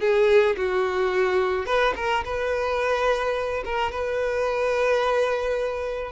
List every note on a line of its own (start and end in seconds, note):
0.00 0.56 G#4
0.56 1.66 F#4
1.66 1.93 B4
1.96 2.23 A#4
2.24 3.63 B4
3.64 3.91 A#4
3.91 6.11 B4